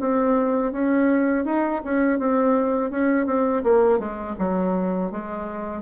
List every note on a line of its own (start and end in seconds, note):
0.00 0.72 C4
0.72 1.45 C#4
1.45 1.82 D#4
1.84 2.19 C#4
2.19 2.90 C4
2.90 3.26 C#4
3.26 3.63 C4
3.63 3.98 A#3
3.98 4.35 G#3
4.38 5.11 F#3
5.11 5.82 G#3